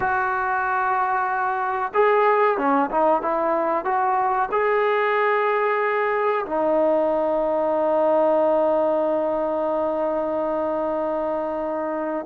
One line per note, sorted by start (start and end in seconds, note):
0.00 1.92 F#4
1.94 2.57 G#4
2.57 2.90 C#4
2.90 3.21 D#4
3.21 3.84 E4
3.84 4.49 F#4
4.51 6.45 G#4
6.45 12.26 D#4